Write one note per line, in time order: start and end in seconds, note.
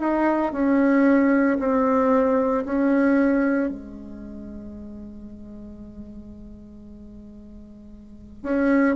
0.00 0.53 D#4
0.53 1.58 C#4
1.59 2.64 C4
2.65 3.69 C#4
3.69 8.43 G#3
8.43 8.96 C#4